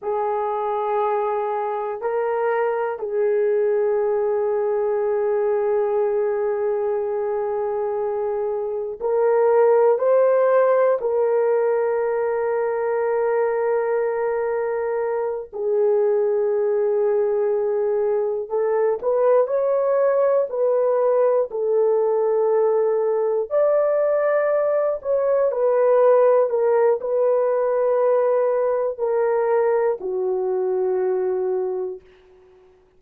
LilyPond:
\new Staff \with { instrumentName = "horn" } { \time 4/4 \tempo 4 = 60 gis'2 ais'4 gis'4~ | gis'1~ | gis'4 ais'4 c''4 ais'4~ | ais'2.~ ais'8 gis'8~ |
gis'2~ gis'8 a'8 b'8 cis''8~ | cis''8 b'4 a'2 d''8~ | d''4 cis''8 b'4 ais'8 b'4~ | b'4 ais'4 fis'2 | }